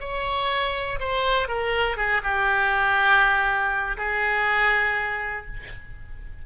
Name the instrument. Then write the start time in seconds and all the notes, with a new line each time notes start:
oboe
0.00 C#5
1.00 C5
1.48 A#4
1.97 G#4
2.23 G4
3.97 G#4